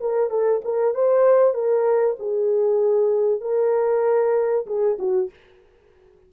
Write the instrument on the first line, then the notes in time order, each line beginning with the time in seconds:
horn
0.00 A#4
0.30 A4
0.64 A#4
0.94 C5
1.54 A#4
2.19 G#4
3.41 A#4
4.66 G#4
4.99 F#4